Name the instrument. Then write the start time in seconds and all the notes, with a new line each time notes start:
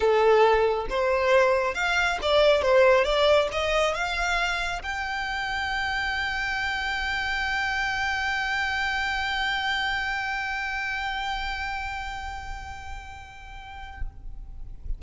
violin
0.00 A4
0.89 C5
1.74 F5
2.22 D5
2.62 C5
3.04 D5
3.52 D#5
3.94 F5
4.82 G5